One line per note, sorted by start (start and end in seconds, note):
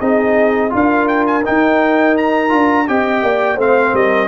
0.00 0.72 C4
0.00 0.70 D#4
0.00 0.71 G#4
0.00 0.72 D#5
0.70 1.46 D4
0.70 1.42 F4
0.70 2.88 A#4
0.76 1.08 F5
1.08 1.26 G5
1.27 1.45 G#5
1.46 2.49 D#4
1.46 2.53 D#4
1.46 2.17 G5
2.17 2.88 A#5
2.49 2.89 D4
2.49 2.85 F4
2.88 3.23 C4
2.88 3.58 G4
2.88 3.23 D#5
2.88 3.60 G5
3.23 3.57 A#3
3.23 3.56 D5
3.56 3.93 A3
3.56 4.29 C4
3.56 3.92 C5
3.56 3.96 F5
3.93 4.29 G3
3.93 4.28 A#4
3.93 4.29 D#5